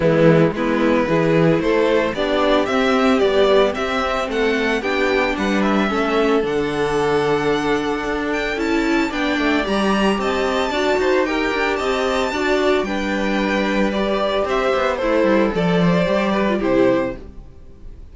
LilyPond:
<<
  \new Staff \with { instrumentName = "violin" } { \time 4/4 \tempo 4 = 112 e'4 b'2 c''4 | d''4 e''4 d''4 e''4 | fis''4 g''4 fis''8 e''4. | fis''2.~ fis''8 g''8 |
a''4 g''4 ais''4 a''4~ | a''4 g''4 a''2 | g''2 d''4 e''4 | c''4 d''2 c''4 | }
  \new Staff \with { instrumentName = "violin" } { \time 4/4 b4 e'4 gis'4 a'4 | g'1 | a'4 g'4 b'4 a'4~ | a'1~ |
a'4 d''2 dis''4 | d''8 c''8 ais'4 dis''4 d''4 | b'2. c''4 | e'4 a'8 c''4 b'8 g'4 | }
  \new Staff \with { instrumentName = "viola" } { \time 4/4 gis4 b4 e'2 | d'4 c'4 g4 c'4~ | c'4 d'2 cis'4 | d'1 |
e'4 d'4 g'2 | fis'4 g'2 fis'4 | d'2 g'2 | a'2 g'8. f'16 e'4 | }
  \new Staff \with { instrumentName = "cello" } { \time 4/4 e4 gis4 e4 a4 | b4 c'4 b4 c'4 | a4 b4 g4 a4 | d2. d'4 |
cis'4 b8 a8 g4 c'4 | d'8 dis'4 d'8 c'4 d'4 | g2. c'8 b8 | a8 g8 f4 g4 c4 | }
>>